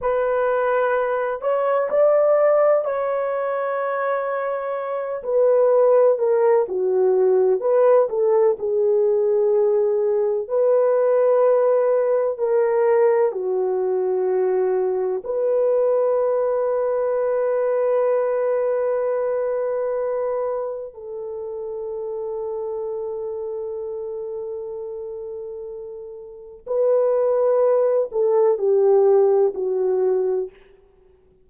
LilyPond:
\new Staff \with { instrumentName = "horn" } { \time 4/4 \tempo 4 = 63 b'4. cis''8 d''4 cis''4~ | cis''4. b'4 ais'8 fis'4 | b'8 a'8 gis'2 b'4~ | b'4 ais'4 fis'2 |
b'1~ | b'2 a'2~ | a'1 | b'4. a'8 g'4 fis'4 | }